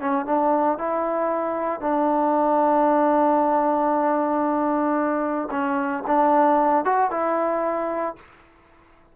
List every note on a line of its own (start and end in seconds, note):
0.00 0.25 C#4
0.25 0.78 D4
0.78 1.80 E4
1.80 5.49 D4
5.50 6.03 C#4
6.07 6.84 D4
6.84 7.10 F#4
7.10 8.16 E4